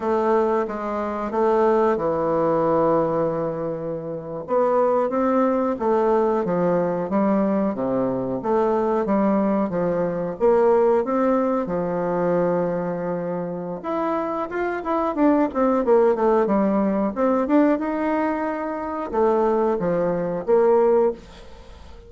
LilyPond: \new Staff \with { instrumentName = "bassoon" } { \time 4/4 \tempo 4 = 91 a4 gis4 a4 e4~ | e2~ e8. b4 c'16~ | c'8. a4 f4 g4 c16~ | c8. a4 g4 f4 ais16~ |
ais8. c'4 f2~ f16~ | f4 e'4 f'8 e'8 d'8 c'8 | ais8 a8 g4 c'8 d'8 dis'4~ | dis'4 a4 f4 ais4 | }